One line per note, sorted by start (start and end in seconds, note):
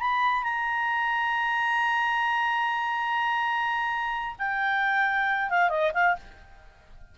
0.00 0.43 B5
0.43 4.35 A#5
4.38 5.50 G5
5.50 5.69 F5
5.69 5.92 D#5
5.94 6.16 F5